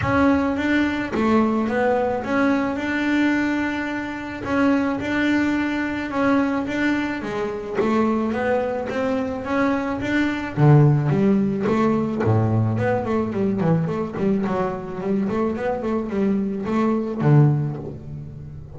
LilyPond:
\new Staff \with { instrumentName = "double bass" } { \time 4/4 \tempo 4 = 108 cis'4 d'4 a4 b4 | cis'4 d'2. | cis'4 d'2 cis'4 | d'4 gis4 a4 b4 |
c'4 cis'4 d'4 d4 | g4 a4 a,4 b8 a8 | g8 e8 a8 g8 fis4 g8 a8 | b8 a8 g4 a4 d4 | }